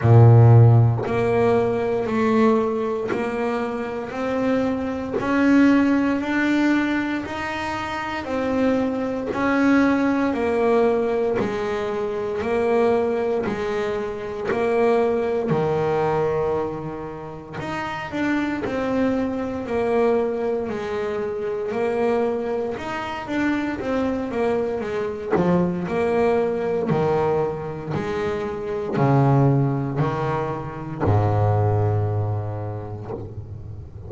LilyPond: \new Staff \with { instrumentName = "double bass" } { \time 4/4 \tempo 4 = 58 ais,4 ais4 a4 ais4 | c'4 cis'4 d'4 dis'4 | c'4 cis'4 ais4 gis4 | ais4 gis4 ais4 dis4~ |
dis4 dis'8 d'8 c'4 ais4 | gis4 ais4 dis'8 d'8 c'8 ais8 | gis8 f8 ais4 dis4 gis4 | cis4 dis4 gis,2 | }